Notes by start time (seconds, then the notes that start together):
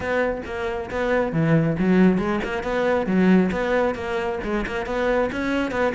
0.00 B3
0.45 A#3
0.90 B3
1.32 E3
1.78 F#3
2.17 G#3
2.44 A#3
2.63 B3
3.06 F#3
3.51 B3
3.94 A#3
4.43 G#3
4.66 A#3
4.86 B3
5.32 C#4
5.71 B3